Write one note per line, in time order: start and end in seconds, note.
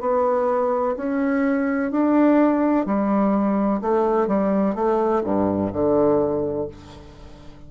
0.00 0.95 B3
0.96 1.91 C#4
1.91 2.85 D4
2.85 3.81 G3
3.81 4.27 A3
4.27 4.74 G3
4.74 5.22 A3
5.23 5.71 G2
5.72 6.68 D3